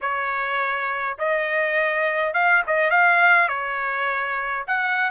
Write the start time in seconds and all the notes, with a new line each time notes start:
0.01 C#5
1.18 D#5
2.33 F5
2.66 D#5
2.90 F5
3.48 C#5
4.67 F#5